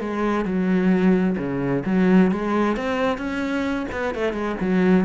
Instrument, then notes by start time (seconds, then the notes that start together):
cello
0.00 G#3
0.45 F#3
1.37 C#3
1.85 F#3
2.31 G#3
2.76 C4
3.17 C#4
3.91 B3
4.14 A3
4.33 G#3
4.60 F#3